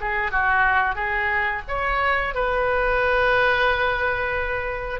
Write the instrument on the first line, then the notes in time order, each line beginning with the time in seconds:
oboe
0.00 G#4
0.31 F#4
0.95 G#4
1.68 C#5
2.34 B4